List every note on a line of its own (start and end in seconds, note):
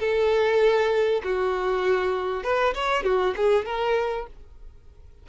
0.00 1.22 A4
1.24 2.44 F#4
2.44 2.75 B4
2.75 3.04 C#5
3.04 3.35 F#4
3.37 3.66 G#4
3.66 4.27 A#4